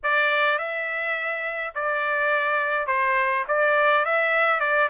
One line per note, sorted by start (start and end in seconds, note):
0.03 0.58 D5
0.58 1.74 E5
1.74 2.87 D5
2.87 3.44 C5
3.48 4.05 D5
4.05 4.60 E5
4.60 4.89 D5